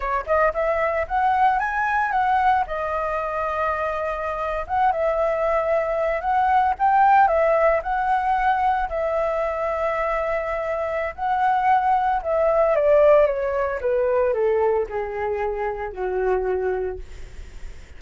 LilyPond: \new Staff \with { instrumentName = "flute" } { \time 4/4 \tempo 4 = 113 cis''8 dis''8 e''4 fis''4 gis''4 | fis''4 dis''2.~ | dis''8. fis''8 e''2~ e''8 fis''16~ | fis''8. g''4 e''4 fis''4~ fis''16~ |
fis''8. e''2.~ e''16~ | e''4 fis''2 e''4 | d''4 cis''4 b'4 a'4 | gis'2 fis'2 | }